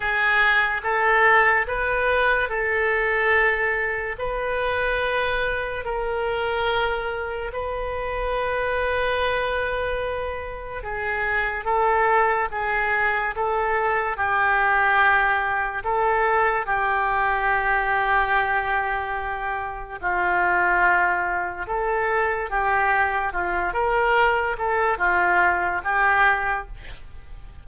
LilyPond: \new Staff \with { instrumentName = "oboe" } { \time 4/4 \tempo 4 = 72 gis'4 a'4 b'4 a'4~ | a'4 b'2 ais'4~ | ais'4 b'2.~ | b'4 gis'4 a'4 gis'4 |
a'4 g'2 a'4 | g'1 | f'2 a'4 g'4 | f'8 ais'4 a'8 f'4 g'4 | }